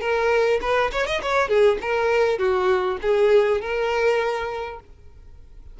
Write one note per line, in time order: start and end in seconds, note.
0.00 0.59 A#4
0.61 0.90 B4
0.91 1.06 C#5
1.06 1.21 D#5
1.22 1.48 C#5
1.48 1.78 G#4
1.81 2.38 A#4
2.38 2.98 F#4
3.01 3.61 G#4
3.61 4.80 A#4